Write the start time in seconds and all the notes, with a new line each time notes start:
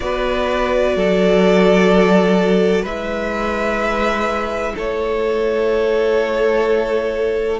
0.00 B3 F#4 B4 D5
0.96 F#3 A4
2.82 G#3 E4 B4 E5
4.75 A3 A4 C#5